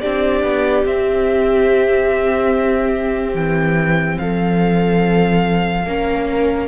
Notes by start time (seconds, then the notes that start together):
0.00 C4 D4 G4 D5
0.43 B3
0.84 C4 E5
3.34 E3 G5
4.18 F3 A4 F5
5.86 A#3 C#4 A#4